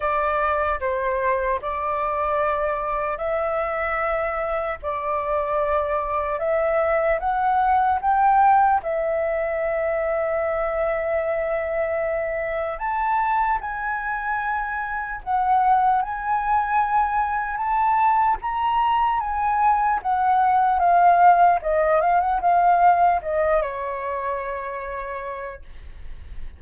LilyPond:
\new Staff \with { instrumentName = "flute" } { \time 4/4 \tempo 4 = 75 d''4 c''4 d''2 | e''2 d''2 | e''4 fis''4 g''4 e''4~ | e''1 |
a''4 gis''2 fis''4 | gis''2 a''4 ais''4 | gis''4 fis''4 f''4 dis''8 f''16 fis''16 | f''4 dis''8 cis''2~ cis''8 | }